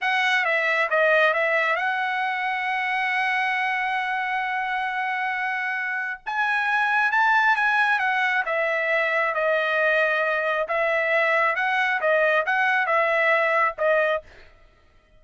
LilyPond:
\new Staff \with { instrumentName = "trumpet" } { \time 4/4 \tempo 4 = 135 fis''4 e''4 dis''4 e''4 | fis''1~ | fis''1~ | fis''2 gis''2 |
a''4 gis''4 fis''4 e''4~ | e''4 dis''2. | e''2 fis''4 dis''4 | fis''4 e''2 dis''4 | }